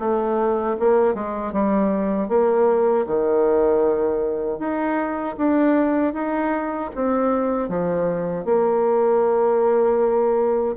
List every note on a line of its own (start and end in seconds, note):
0.00 0.77 A3
0.80 1.15 A#3
1.15 1.53 G#3
1.53 2.29 G3
2.29 3.06 A#3
3.07 4.59 D#3
4.59 5.36 D#4
5.38 6.14 D4
6.14 6.91 D#4
6.95 7.69 C4
7.69 8.45 F3
8.45 10.76 A#3